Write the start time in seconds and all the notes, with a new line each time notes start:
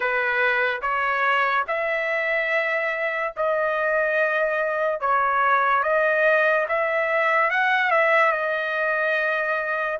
0.00 B4
0.81 C#5
1.67 E5
3.36 D#5
5.00 C#5
5.83 D#5
6.68 E5
7.50 F#5
7.90 E5
8.32 D#5